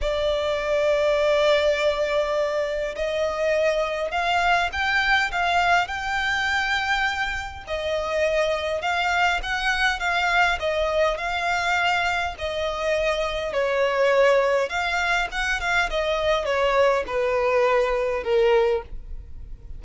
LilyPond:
\new Staff \with { instrumentName = "violin" } { \time 4/4 \tempo 4 = 102 d''1~ | d''4 dis''2 f''4 | g''4 f''4 g''2~ | g''4 dis''2 f''4 |
fis''4 f''4 dis''4 f''4~ | f''4 dis''2 cis''4~ | cis''4 f''4 fis''8 f''8 dis''4 | cis''4 b'2 ais'4 | }